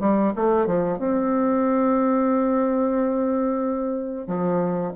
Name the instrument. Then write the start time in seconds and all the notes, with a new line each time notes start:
bassoon
0.00 G3
0.35 A3
0.67 F3
0.98 C4
4.27 F3